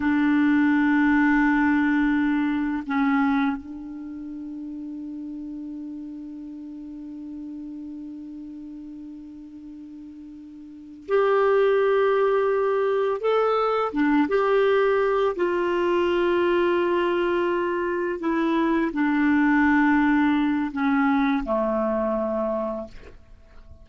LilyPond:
\new Staff \with { instrumentName = "clarinet" } { \time 4/4 \tempo 4 = 84 d'1 | cis'4 d'2.~ | d'1~ | d'2.~ d'8 g'8~ |
g'2~ g'8 a'4 d'8 | g'4. f'2~ f'8~ | f'4. e'4 d'4.~ | d'4 cis'4 a2 | }